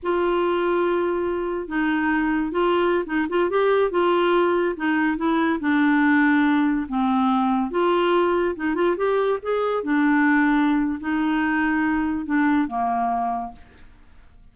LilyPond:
\new Staff \with { instrumentName = "clarinet" } { \time 4/4 \tempo 4 = 142 f'1 | dis'2 f'4~ f'16 dis'8 f'16~ | f'16 g'4 f'2 dis'8.~ | dis'16 e'4 d'2~ d'8.~ |
d'16 c'2 f'4.~ f'16~ | f'16 dis'8 f'8 g'4 gis'4 d'8.~ | d'2 dis'2~ | dis'4 d'4 ais2 | }